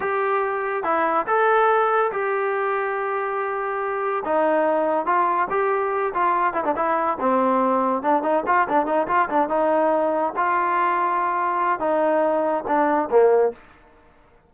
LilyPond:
\new Staff \with { instrumentName = "trombone" } { \time 4/4 \tempo 4 = 142 g'2 e'4 a'4~ | a'4 g'2.~ | g'2 dis'2 | f'4 g'4. f'4 e'16 d'16 |
e'4 c'2 d'8 dis'8 | f'8 d'8 dis'8 f'8 d'8 dis'4.~ | dis'8 f'2.~ f'8 | dis'2 d'4 ais4 | }